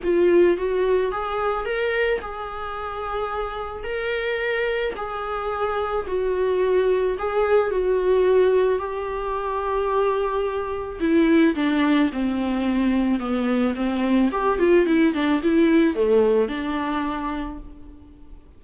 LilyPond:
\new Staff \with { instrumentName = "viola" } { \time 4/4 \tempo 4 = 109 f'4 fis'4 gis'4 ais'4 | gis'2. ais'4~ | ais'4 gis'2 fis'4~ | fis'4 gis'4 fis'2 |
g'1 | e'4 d'4 c'2 | b4 c'4 g'8 f'8 e'8 d'8 | e'4 a4 d'2 | }